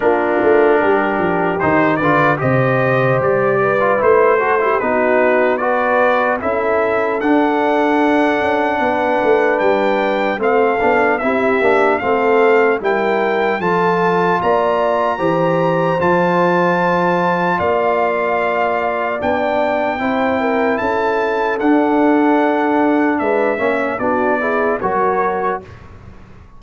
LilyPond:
<<
  \new Staff \with { instrumentName = "trumpet" } { \time 4/4 \tempo 4 = 75 ais'2 c''8 d''8 dis''4 | d''4 c''4 b'4 d''4 | e''4 fis''2. | g''4 f''4 e''4 f''4 |
g''4 a''4 ais''2 | a''2 f''2 | g''2 a''4 fis''4~ | fis''4 e''4 d''4 cis''4 | }
  \new Staff \with { instrumentName = "horn" } { \time 4/4 f'4 g'4. b'8 c''4~ | c''8 b'4 a'16 g'16 fis'4 b'4 | a'2. b'4~ | b'4 a'4 g'4 a'4 |
ais'4 a'4 d''4 c''4~ | c''2 d''2~ | d''4 c''8 ais'8 a'2~ | a'4 b'8 cis''8 fis'8 gis'8 ais'4 | }
  \new Staff \with { instrumentName = "trombone" } { \time 4/4 d'2 dis'8 f'8 g'4~ | g'8. f'16 e'8 fis'16 e'16 dis'4 fis'4 | e'4 d'2.~ | d'4 c'8 d'8 e'8 d'8 c'4 |
e'4 f'2 g'4 | f'1 | d'4 e'2 d'4~ | d'4. cis'8 d'8 e'8 fis'4 | }
  \new Staff \with { instrumentName = "tuba" } { \time 4/4 ais8 a8 g8 f8 dis8 d8 c4 | g4 a4 b2 | cis'4 d'4. cis'8 b8 a8 | g4 a8 b8 c'8 ais8 a4 |
g4 f4 ais4 e4 | f2 ais2 | b4 c'4 cis'4 d'4~ | d'4 gis8 ais8 b4 fis4 | }
>>